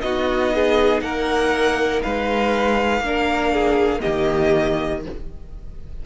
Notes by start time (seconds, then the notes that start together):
0.00 B3 D#4 F#4 D#5
0.54 G#4
1.01 A#3 A#4 F#5
2.02 G#3 B4 F5
3.00 A#3 D4
3.06 A#4
3.53 G#4
4.00 D#3 A#3 G4 D#5